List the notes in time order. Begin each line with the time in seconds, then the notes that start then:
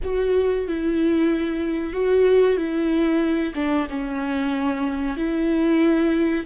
0.03 F#4
0.67 E4
1.93 F#4
2.56 E4
3.55 D4
3.89 C#4
5.16 E4